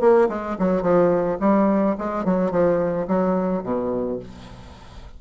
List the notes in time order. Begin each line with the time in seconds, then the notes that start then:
0.00 A#3
0.28 G#3
0.59 F#3
0.82 F3
1.40 G3
1.98 G#3
2.25 F#3
2.51 F3
3.07 F#3
3.63 B2